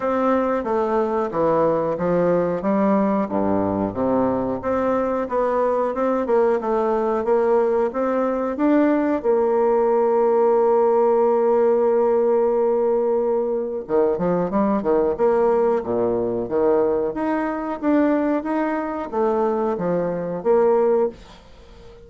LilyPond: \new Staff \with { instrumentName = "bassoon" } { \time 4/4 \tempo 4 = 91 c'4 a4 e4 f4 | g4 g,4 c4 c'4 | b4 c'8 ais8 a4 ais4 | c'4 d'4 ais2~ |
ais1~ | ais4 dis8 f8 g8 dis8 ais4 | ais,4 dis4 dis'4 d'4 | dis'4 a4 f4 ais4 | }